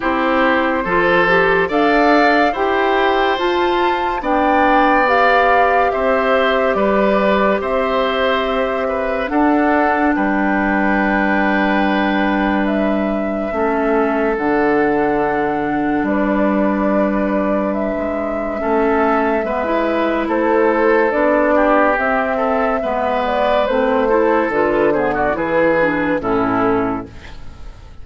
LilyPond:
<<
  \new Staff \with { instrumentName = "flute" } { \time 4/4 \tempo 4 = 71 c''2 f''4 g''4 | a''4 g''4 f''4 e''4 | d''4 e''2 fis''4 | g''2. e''4~ |
e''4 fis''2 d''4~ | d''4 e''2. | c''4 d''4 e''4. d''8 | c''4 b'8 c''16 d''16 b'4 a'4 | }
  \new Staff \with { instrumentName = "oboe" } { \time 4/4 g'4 a'4 d''4 c''4~ | c''4 d''2 c''4 | b'4 c''4. b'8 a'4 | b'1 |
a'2. b'4~ | b'2 a'4 b'4 | a'4. g'4 a'8 b'4~ | b'8 a'4 gis'16 fis'16 gis'4 e'4 | }
  \new Staff \with { instrumentName = "clarinet" } { \time 4/4 e'4 f'8 g'8 a'4 g'4 | f'4 d'4 g'2~ | g'2. d'4~ | d'1 |
cis'4 d'2.~ | d'2 cis'4 b16 e'8.~ | e'4 d'4 c'4 b4 | c'8 e'8 f'8 b8 e'8 d'8 cis'4 | }
  \new Staff \with { instrumentName = "bassoon" } { \time 4/4 c'4 f4 d'4 e'4 | f'4 b2 c'4 | g4 c'2 d'4 | g1 |
a4 d2 g4~ | g4~ g16 gis8. a4 gis4 | a4 b4 c'4 gis4 | a4 d4 e4 a,4 | }
>>